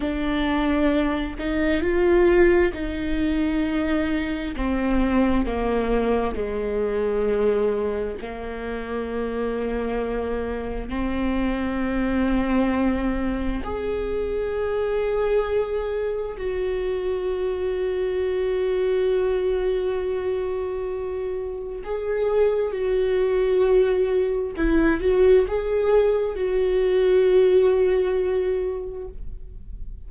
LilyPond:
\new Staff \with { instrumentName = "viola" } { \time 4/4 \tempo 4 = 66 d'4. dis'8 f'4 dis'4~ | dis'4 c'4 ais4 gis4~ | gis4 ais2. | c'2. gis'4~ |
gis'2 fis'2~ | fis'1 | gis'4 fis'2 e'8 fis'8 | gis'4 fis'2. | }